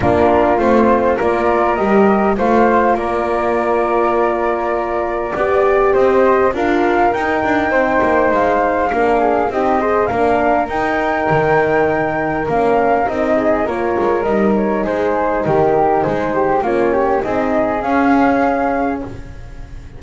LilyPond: <<
  \new Staff \with { instrumentName = "flute" } { \time 4/4 \tempo 4 = 101 ais'4 c''4 d''4 dis''4 | f''4 d''2.~ | d''2 dis''4 f''4 | g''2 f''2 |
dis''4 f''4 g''2~ | g''4 f''4 dis''4 cis''4 | dis''8 cis''8 c''4 ais'4 c''4 | cis''4 dis''4 f''2 | }
  \new Staff \with { instrumentName = "flute" } { \time 4/4 f'2 ais'2 | c''4 ais'2.~ | ais'4 d''4 c''4 ais'4~ | ais'4 c''2 ais'8 gis'8 |
g'8 c''8 ais'2.~ | ais'2~ ais'8 gis'8 ais'4~ | ais'4 gis'4 g'4 gis'8 g'8 | f'8 g'8 gis'2. | }
  \new Staff \with { instrumentName = "horn" } { \time 4/4 d'4 c'4 f'4 g'4 | f'1~ | f'4 g'2 f'4 | dis'2. d'4 |
dis'8 gis'8 d'4 dis'2~ | dis'4 cis'4 dis'4 f'4 | dis'1 | cis'4 dis'4 cis'2 | }
  \new Staff \with { instrumentName = "double bass" } { \time 4/4 ais4 a4 ais4 g4 | a4 ais2.~ | ais4 b4 c'4 d'4 | dis'8 d'8 c'8 ais8 gis4 ais4 |
c'4 ais4 dis'4 dis4~ | dis4 ais4 c'4 ais8 gis8 | g4 gis4 dis4 gis4 | ais4 c'4 cis'2 | }
>>